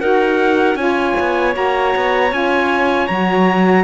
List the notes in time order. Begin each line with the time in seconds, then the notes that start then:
0.00 D#4 F#4 A#4 F#5
0.75 C#4 F4 C#5 G#5
1.20 B3
1.52 A#3 F#4 A#5
1.95 B3
2.30 C#4 F4 G#5
3.07 F#3 F#4 A#5